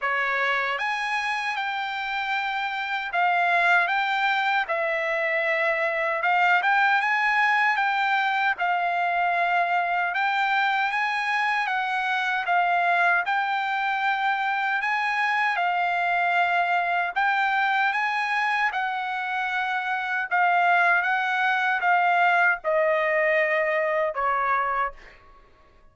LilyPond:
\new Staff \with { instrumentName = "trumpet" } { \time 4/4 \tempo 4 = 77 cis''4 gis''4 g''2 | f''4 g''4 e''2 | f''8 g''8 gis''4 g''4 f''4~ | f''4 g''4 gis''4 fis''4 |
f''4 g''2 gis''4 | f''2 g''4 gis''4 | fis''2 f''4 fis''4 | f''4 dis''2 cis''4 | }